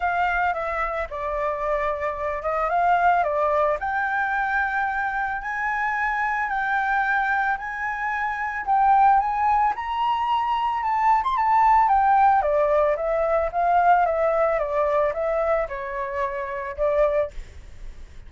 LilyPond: \new Staff \with { instrumentName = "flute" } { \time 4/4 \tempo 4 = 111 f''4 e''4 d''2~ | d''8 dis''8 f''4 d''4 g''4~ | g''2 gis''2 | g''2 gis''2 |
g''4 gis''4 ais''2 | a''8. c'''16 a''4 g''4 d''4 | e''4 f''4 e''4 d''4 | e''4 cis''2 d''4 | }